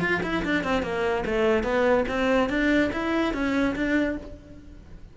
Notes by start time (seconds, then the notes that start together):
0.00 F4
0.23 E4
0.44 D4
0.64 C4
0.82 A#3
1.25 A3
1.63 B3
2.08 C4
2.49 D4
2.92 E4
3.33 C#4
3.75 D4